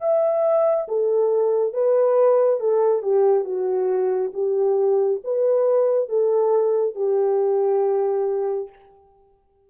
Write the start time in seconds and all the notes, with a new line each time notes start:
0.00 E5
0.88 A4
1.73 B4
2.60 A4
3.02 G4
3.44 F#4
4.34 G4
5.24 B4
6.09 A4
6.95 G4